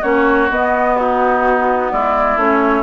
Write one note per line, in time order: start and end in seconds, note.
0.00 0.50 A#3
0.00 0.49 C#4
0.00 0.94 F#4
0.00 0.50 C#5
0.50 1.92 B3
0.50 2.37 B3
0.50 0.96 D#5
0.96 1.92 D#4
0.96 1.91 F#4
1.91 2.36 G#3
1.91 2.82 E4
1.91 2.38 D5
2.36 2.82 A3
2.36 2.82 C#4
2.36 2.82 C#5